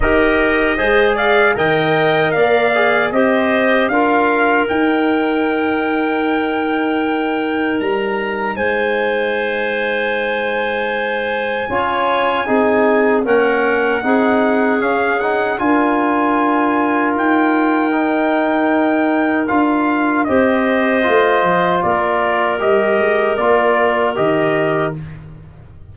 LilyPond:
<<
  \new Staff \with { instrumentName = "trumpet" } { \time 4/4 \tempo 4 = 77 dis''4. f''8 g''4 f''4 | dis''4 f''4 g''2~ | g''2 ais''4 gis''4~ | gis''1~ |
gis''4 fis''2 f''8 fis''8 | gis''2 g''2~ | g''4 f''4 dis''2 | d''4 dis''4 d''4 dis''4 | }
  \new Staff \with { instrumentName = "clarinet" } { \time 4/4 ais'4 c''8 d''8 dis''4 d''4 | c''4 ais'2.~ | ais'2. c''4~ | c''2. cis''4 |
gis'4 ais'4 gis'2 | ais'1~ | ais'2 c''2 | ais'1 | }
  \new Staff \with { instrumentName = "trombone" } { \time 4/4 g'4 gis'4 ais'4. gis'8 | g'4 f'4 dis'2~ | dis'1~ | dis'2. f'4 |
dis'4 cis'4 dis'4 cis'8 dis'8 | f'2. dis'4~ | dis'4 f'4 g'4 f'4~ | f'4 g'4 f'4 g'4 | }
  \new Staff \with { instrumentName = "tuba" } { \time 4/4 dis'4 gis4 dis4 ais4 | c'4 d'4 dis'2~ | dis'2 g4 gis4~ | gis2. cis'4 |
c'4 ais4 c'4 cis'4 | d'2 dis'2~ | dis'4 d'4 c'4 a8 f8 | ais4 g8 gis8 ais4 dis4 | }
>>